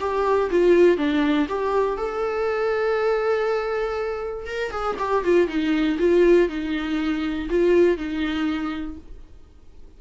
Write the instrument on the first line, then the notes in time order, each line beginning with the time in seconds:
viola
0.00 G4
0.50 F4
0.97 D4
1.48 G4
1.97 A4
4.47 A#4
4.71 G#4
4.99 G4
5.24 F4
5.47 D#4
5.99 F4
6.48 D#4
7.50 F4
7.97 D#4